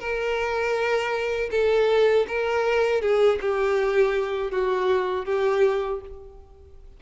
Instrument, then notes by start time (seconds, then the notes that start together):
violin
0.00 A#4
1.51 A4
2.28 A#4
3.02 G#4
3.41 G4
4.52 F#4
5.26 G4